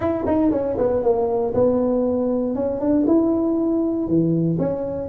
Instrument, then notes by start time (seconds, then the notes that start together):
tuba
0.00 E4
0.26 D#4
0.51 C#4
0.78 B3
1.02 A#3
1.54 B3
2.55 C#4
2.80 D4
3.06 E4
4.07 E3
4.58 C#4